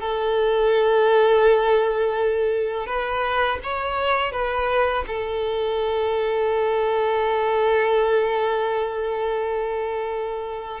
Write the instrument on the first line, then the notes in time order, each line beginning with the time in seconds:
violin
0.00 A4
2.86 B4
3.63 C#5
4.32 B4
5.07 A4